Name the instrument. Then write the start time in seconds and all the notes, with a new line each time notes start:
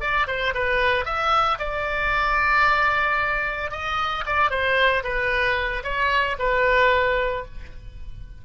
oboe
0.00 D5
0.27 C5
0.54 B4
1.05 E5
1.59 D5
3.71 D#5
4.26 D5
4.50 C5
5.03 B4
5.84 C#5
6.39 B4